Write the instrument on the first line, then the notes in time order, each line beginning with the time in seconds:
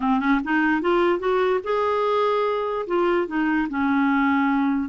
clarinet
0.00 C4
0.19 C#4
0.44 D#4
0.81 F4
1.19 F#4
1.63 G#4
2.86 F4
3.27 D#4
3.69 C#4